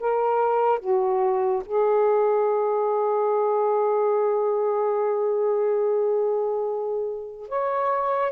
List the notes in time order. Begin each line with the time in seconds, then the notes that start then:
0.00 A#4
0.80 F#4
1.66 G#4
7.48 C#5